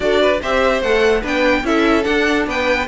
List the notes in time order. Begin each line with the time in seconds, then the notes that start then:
0.00 D4 F#4 A4 D5
0.21 B4
0.41 C4 G4 C5 E5
0.81 A3 A4 F#5
1.21 B3 D4 B4 G5
1.63 C#4 E4 A4 E5
2.02 D4 F#5
2.46 B3 B4 G5